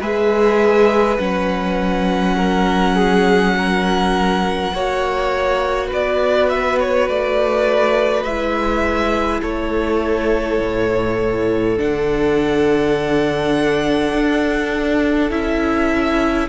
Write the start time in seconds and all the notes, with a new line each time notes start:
0.00 G#3 G#4 B4 E5
1.18 F#3 C#4 F#5
2.37 A#4
2.96 G#4
3.58 A#4
4.73 A#3 F#4 C#5
5.87 B3 B4 D5
6.49 E5
6.79 C#5
7.09 A3 D5
8.23 G#3 E4 E5
9.41 A3 A4 C#5
10.60 A2
11.77 D3 D4 F#5
14.14 D4
15.31 C#4 E4 E5